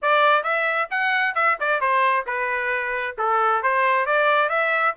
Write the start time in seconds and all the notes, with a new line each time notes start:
0.02 D5
0.43 E5
0.90 F#5
1.35 E5
1.60 D5
1.80 C5
2.26 B4
3.18 A4
3.63 C5
4.06 D5
4.49 E5